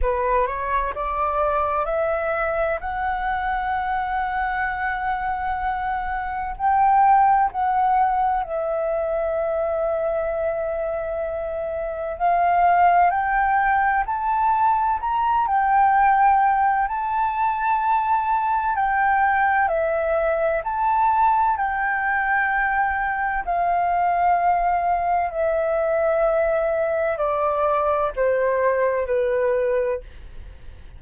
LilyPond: \new Staff \with { instrumentName = "flute" } { \time 4/4 \tempo 4 = 64 b'8 cis''8 d''4 e''4 fis''4~ | fis''2. g''4 | fis''4 e''2.~ | e''4 f''4 g''4 a''4 |
ais''8 g''4. a''2 | g''4 e''4 a''4 g''4~ | g''4 f''2 e''4~ | e''4 d''4 c''4 b'4 | }